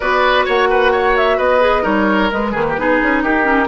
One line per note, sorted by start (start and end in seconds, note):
0.00 0.47 B3
0.00 1.60 F#4
0.00 0.45 B4
0.00 0.45 D5
0.45 1.38 A#3
0.45 0.68 C#5
0.45 1.17 F#5
0.70 0.92 B4
0.92 1.37 C#5
1.17 1.38 E5
1.37 1.84 B3
1.37 1.82 B4
1.37 1.85 D#5
1.60 1.82 G#4
1.82 2.30 G3
1.82 2.29 D#4
1.82 2.51 A#4
1.82 2.31 C#5
2.30 2.52 G#3
2.30 2.55 G#3
2.30 3.23 B4
2.51 2.75 D#3
2.51 2.77 A#3
2.51 2.63 G#4
2.68 2.80 G4
2.77 3.00 B3
2.77 3.43 D#4
2.77 3.23 G#4
3.02 3.22 C#4
3.22 3.67 D#4
3.22 3.67 G4
3.22 3.67 A#4
3.43 3.66 C#4